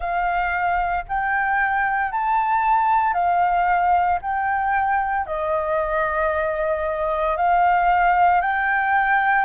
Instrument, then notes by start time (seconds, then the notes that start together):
flute
0.00 F5
1.08 G5
2.11 A5
3.13 F5
4.21 G5
5.26 D#5
7.36 F5
8.41 G5